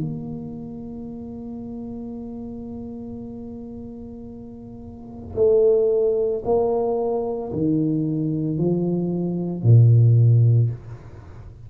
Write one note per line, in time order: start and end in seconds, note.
0.00 5.35 A#3
5.35 6.42 A3
6.45 7.52 A#3
7.52 8.58 D#3
8.58 9.63 F3
9.63 10.70 A#2